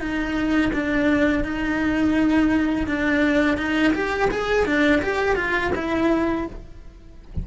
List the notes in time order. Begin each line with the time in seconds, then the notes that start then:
0.00 D#4
0.73 D4
1.44 D#4
2.87 D4
3.57 D#4
3.94 G4
4.30 G#4
4.66 D4
5.02 G4
5.36 F4
5.75 E4